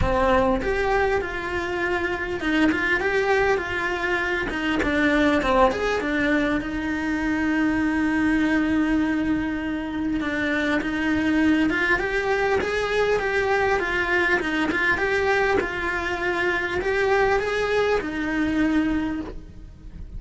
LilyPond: \new Staff \with { instrumentName = "cello" } { \time 4/4 \tempo 4 = 100 c'4 g'4 f'2 | dis'8 f'8 g'4 f'4. dis'8 | d'4 c'8 gis'8 d'4 dis'4~ | dis'1~ |
dis'4 d'4 dis'4. f'8 | g'4 gis'4 g'4 f'4 | dis'8 f'8 g'4 f'2 | g'4 gis'4 dis'2 | }